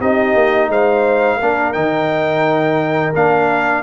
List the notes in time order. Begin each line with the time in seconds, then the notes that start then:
0.00 C4 D#4 G4 D#5
0.34 A#3
0.69 G#3 C5 F5
1.37 A#3 D4 A#4
1.73 D#3 D#4 G5
3.14 A#3 D4 F5